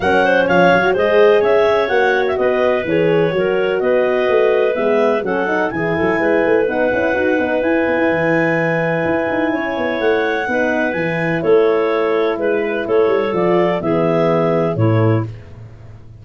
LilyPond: <<
  \new Staff \with { instrumentName = "clarinet" } { \time 4/4 \tempo 4 = 126 fis''4 f''4 dis''4 e''4 | fis''8. e''16 dis''4 cis''2 | dis''2 e''4 fis''4 | gis''2 fis''2 |
gis''1~ | gis''4 fis''2 gis''4 | cis''2 b'4 cis''4 | d''4 e''2 cis''4 | }
  \new Staff \with { instrumentName = "clarinet" } { \time 4/4 ais'8 c''8 cis''4 c''4 cis''4~ | cis''4 b'2 ais'4 | b'2. a'4 | gis'8 a'8 b'2.~ |
b'1 | cis''2 b'2 | a'2 b'4 a'4~ | a'4 gis'2 e'4 | }
  \new Staff \with { instrumentName = "horn" } { \time 4/4 cis'4.~ cis'16 fis'16 gis'2 | fis'2 gis'4 fis'4~ | fis'2 b4 cis'8 dis'8 | e'2 dis'8 e'8 fis'8 dis'8 |
e'1~ | e'2 dis'4 e'4~ | e'1 | f'4 b2 a4 | }
  \new Staff \with { instrumentName = "tuba" } { \time 4/4 fis4 f8 fis8 gis4 cis'4 | ais4 b4 e4 fis4 | b4 a4 gis4 fis4 | e8 fis8 gis8 a8 b8 cis'8 dis'8 b8 |
e'8 b16 e'16 e2 e'8 dis'8 | cis'8 b8 a4 b4 e4 | a2 gis4 a8 g8 | f4 e2 a,4 | }
>>